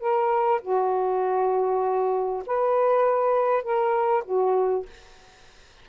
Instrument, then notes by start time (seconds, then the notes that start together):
saxophone
0.00 A#4
0.61 F#4
2.46 B4
3.63 A#4
4.25 F#4